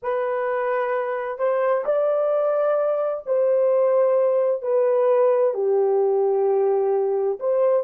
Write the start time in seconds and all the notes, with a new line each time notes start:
0.02 B4
1.38 C5
1.85 D5
3.26 C5
4.62 B4
5.54 G4
7.39 C5